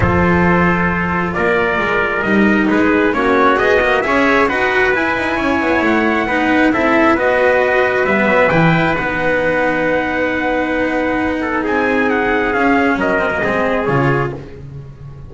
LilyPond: <<
  \new Staff \with { instrumentName = "trumpet" } { \time 4/4 \tempo 4 = 134 c''2. d''4~ | d''4 dis''4 b'4 cis''4 | dis''4 e''4 fis''4 gis''4~ | gis''4 fis''2 e''4 |
dis''2 e''4 g''4 | fis''1~ | fis''2 gis''4 fis''4 | f''4 dis''2 cis''4 | }
  \new Staff \with { instrumentName = "trumpet" } { \time 4/4 a'2. ais'4~ | ais'2 gis'4 fis'4~ | fis'4 cis''4 b'2 | cis''2 b'4 a'4 |
b'1~ | b'1~ | b'4. a'8 gis'2~ | gis'4 ais'4 gis'2 | }
  \new Staff \with { instrumentName = "cello" } { \time 4/4 f'1~ | f'4 dis'2 cis'4 | gis'8 ais8 gis'4 fis'4 e'4~ | e'2 dis'4 e'4 |
fis'2 b4 e'4 | dis'1~ | dis'1 | cis'4. c'16 ais16 c'4 f'4 | }
  \new Staff \with { instrumentName = "double bass" } { \time 4/4 f2. ais4 | gis4 g4 gis4 ais4 | b4 cis'4 dis'4 e'8 dis'8 | cis'8 b8 a4 b4 c'4 |
b2 g8 fis8 e4 | b1~ | b2 c'2 | cis'4 fis4 gis4 cis4 | }
>>